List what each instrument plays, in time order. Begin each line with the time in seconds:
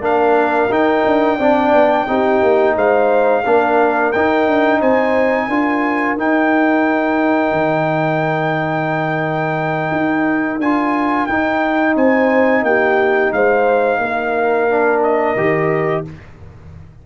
0.00 tuba A#3, trombone D4, horn A#4, trumpet F5
0.70 tuba D#4, trombone D#4, trumpet G5
1.06 tuba D4
1.39 tuba C4, trombone D4, horn D5
1.73 tuba B3
2.08 tuba C4, trombone D#4, horn G4
2.42 tuba A#3
2.76 tuba G#3, horn C5, trumpet F5
3.45 tuba A#3, trombone D4, horn A#4
4.12 trombone D#4, tuba D#4, trumpet G5
4.47 tuba D4
4.80 tuba C4, horn C5, trumpet G#5
5.47 tuba D4, trombone F4, horn A#4
6.17 tuba D#4, trombone D#4, trumpet G5
7.52 tuba D#3
9.91 tuba D#4
10.59 tuba D4, trombone F4, trumpet G#5
11.27 tuba D#4, trombone D#4, trumpet G5
11.96 tuba C4, horn C5, trumpet G#5
12.63 tuba A#3, horn G4, trumpet G5
13.33 tuba G#3, horn C5, trumpet F5
13.98 tuba A#3, horn A#4
14.70 trombone D4
15.03 trumpet D#5
15.36 tuba D#3, trombone G4